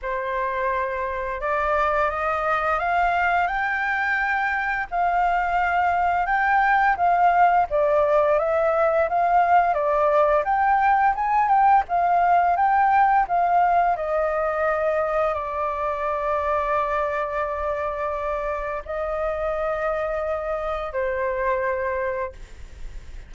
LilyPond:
\new Staff \with { instrumentName = "flute" } { \time 4/4 \tempo 4 = 86 c''2 d''4 dis''4 | f''4 g''2 f''4~ | f''4 g''4 f''4 d''4 | e''4 f''4 d''4 g''4 |
gis''8 g''8 f''4 g''4 f''4 | dis''2 d''2~ | d''2. dis''4~ | dis''2 c''2 | }